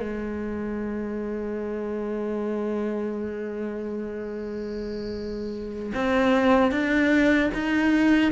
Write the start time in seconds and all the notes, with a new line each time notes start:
0.00 G#3
5.94 C4
6.71 D4
7.54 D#4